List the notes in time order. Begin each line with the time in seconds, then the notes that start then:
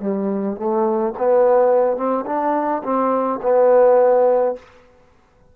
0.00 G3
0.57 A3
1.18 B3
1.97 C4
2.26 D4
2.84 C4
3.43 B3